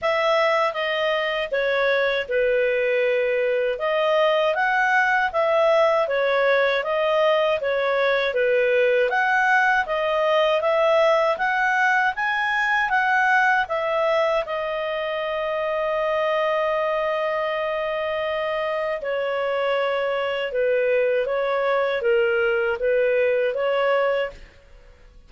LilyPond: \new Staff \with { instrumentName = "clarinet" } { \time 4/4 \tempo 4 = 79 e''4 dis''4 cis''4 b'4~ | b'4 dis''4 fis''4 e''4 | cis''4 dis''4 cis''4 b'4 | fis''4 dis''4 e''4 fis''4 |
gis''4 fis''4 e''4 dis''4~ | dis''1~ | dis''4 cis''2 b'4 | cis''4 ais'4 b'4 cis''4 | }